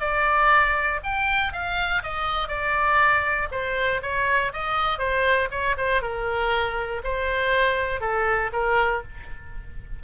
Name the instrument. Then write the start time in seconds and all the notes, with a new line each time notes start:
oboe
0.00 D5
1.03 G5
1.52 F5
2.02 D#5
2.48 D5
3.51 C5
4.02 C#5
4.52 D#5
4.98 C5
5.51 C#5
5.77 C5
6.02 A#4
7.04 C5
8.00 A4
8.53 A#4